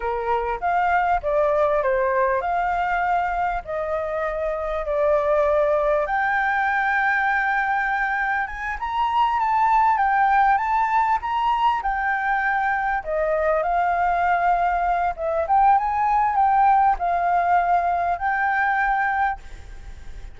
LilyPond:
\new Staff \with { instrumentName = "flute" } { \time 4/4 \tempo 4 = 99 ais'4 f''4 d''4 c''4 | f''2 dis''2 | d''2 g''2~ | g''2 gis''8 ais''4 a''8~ |
a''8 g''4 a''4 ais''4 g''8~ | g''4. dis''4 f''4.~ | f''4 e''8 g''8 gis''4 g''4 | f''2 g''2 | }